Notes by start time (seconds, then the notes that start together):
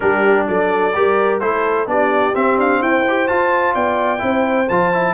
0.00 G3 D4 G4 A#4
0.47 F#3 A4 D5
0.94 G3 G4 A#4
1.39 A3 E4 A4 C5
1.86 B3 D4 G4 D5
2.34 C4 E5
2.57 D4 F5
2.81 E4 C5 G5
3.08 G4
3.27 F4 A5
3.74 B3 D5 G5
4.18 C4 E4 C5
4.68 F3 F4 A5
4.92 E4